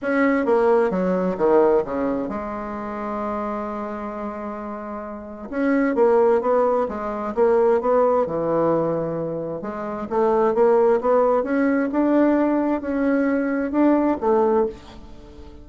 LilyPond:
\new Staff \with { instrumentName = "bassoon" } { \time 4/4 \tempo 4 = 131 cis'4 ais4 fis4 dis4 | cis4 gis2.~ | gis1 | cis'4 ais4 b4 gis4 |
ais4 b4 e2~ | e4 gis4 a4 ais4 | b4 cis'4 d'2 | cis'2 d'4 a4 | }